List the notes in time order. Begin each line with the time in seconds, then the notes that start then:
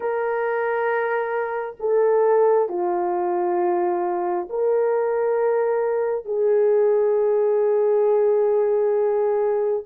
0.00 A#4
1.79 A4
2.69 F4
4.49 A#4
6.24 G#4